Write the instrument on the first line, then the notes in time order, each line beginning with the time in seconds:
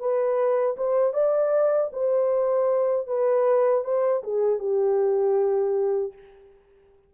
horn
0.00 B4
0.77 C5
1.14 D5
1.93 C5
3.07 B4
3.84 C5
4.23 G#4
4.59 G4